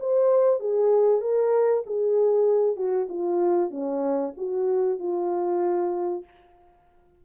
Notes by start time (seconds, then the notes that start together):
0.00 C5
0.60 G#4
1.21 A#4
1.86 G#4
2.76 F#4
3.09 F4
3.70 C#4
4.37 F#4
4.99 F4